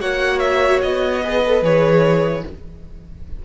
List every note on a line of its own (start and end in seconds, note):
0.00 0.82 A#3
0.00 1.22 F#4
0.00 1.22 C#5
0.00 0.39 F#5
0.39 0.79 E5
0.82 1.61 B3
0.82 1.63 D#5
1.22 1.44 G#4
1.22 2.43 B4
1.46 1.63 A4
1.61 2.43 E3
1.61 2.44 G#4
1.61 2.45 C#5